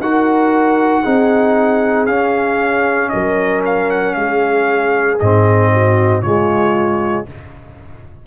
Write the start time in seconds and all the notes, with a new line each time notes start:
0.00 D#4 F#4 A#4 F#5
1.03 C4 D#4 G#4
2.06 C#4 F5
3.09 F#3 A#4 D#5
3.66 F5
3.91 F#5
4.14 G#3 G#4 F5
5.20 G#2 C4 D#5
5.72 F#4
6.22 C#3 G#3 F4 C#5